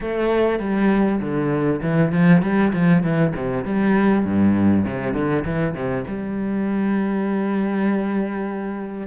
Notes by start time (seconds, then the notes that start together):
0.00 A3
0.59 G3
1.20 D3
1.82 E3
2.12 F3
2.42 G3
2.72 F3
3.03 E3
3.36 C3
3.64 G3
4.25 G2
4.84 C3
5.13 D3
5.45 E3
5.74 C3
6.07 G3